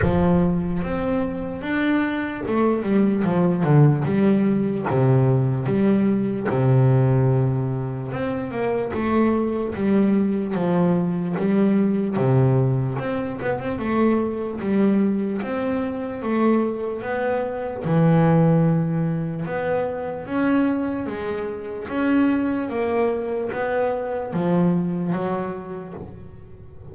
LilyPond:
\new Staff \with { instrumentName = "double bass" } { \time 4/4 \tempo 4 = 74 f4 c'4 d'4 a8 g8 | f8 d8 g4 c4 g4 | c2 c'8 ais8 a4 | g4 f4 g4 c4 |
c'8 b16 c'16 a4 g4 c'4 | a4 b4 e2 | b4 cis'4 gis4 cis'4 | ais4 b4 f4 fis4 | }